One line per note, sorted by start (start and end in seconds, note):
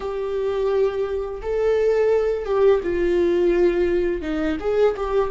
0.00 1.41 G4
1.41 2.45 A4
2.45 2.80 G4
2.83 4.21 F4
4.21 4.57 D#4
4.59 4.95 G#4
4.96 5.30 G4